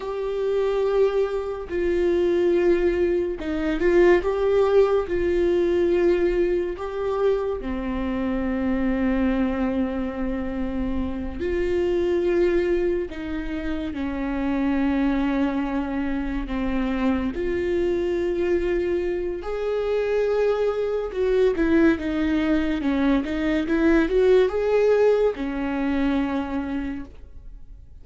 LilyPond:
\new Staff \with { instrumentName = "viola" } { \time 4/4 \tempo 4 = 71 g'2 f'2 | dis'8 f'8 g'4 f'2 | g'4 c'2.~ | c'4. f'2 dis'8~ |
dis'8 cis'2. c'8~ | c'8 f'2~ f'8 gis'4~ | gis'4 fis'8 e'8 dis'4 cis'8 dis'8 | e'8 fis'8 gis'4 cis'2 | }